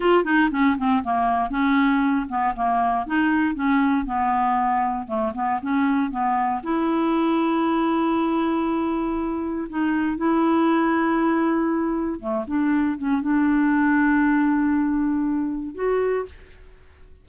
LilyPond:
\new Staff \with { instrumentName = "clarinet" } { \time 4/4 \tempo 4 = 118 f'8 dis'8 cis'8 c'8 ais4 cis'4~ | cis'8 b8 ais4 dis'4 cis'4 | b2 a8 b8 cis'4 | b4 e'2.~ |
e'2. dis'4 | e'1 | a8 d'4 cis'8 d'2~ | d'2. fis'4 | }